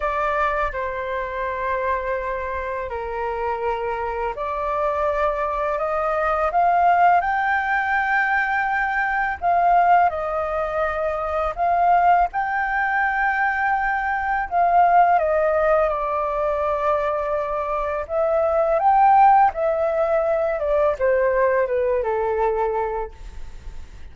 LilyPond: \new Staff \with { instrumentName = "flute" } { \time 4/4 \tempo 4 = 83 d''4 c''2. | ais'2 d''2 | dis''4 f''4 g''2~ | g''4 f''4 dis''2 |
f''4 g''2. | f''4 dis''4 d''2~ | d''4 e''4 g''4 e''4~ | e''8 d''8 c''4 b'8 a'4. | }